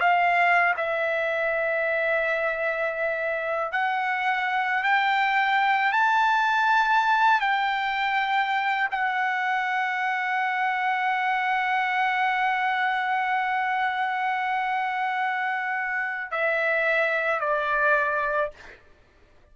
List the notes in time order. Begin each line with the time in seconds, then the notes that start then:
0.00 F5
0.77 E5
3.72 F#5
4.83 G5
5.92 A5
7.40 G5
8.91 F#5
16.31 E5
17.40 D5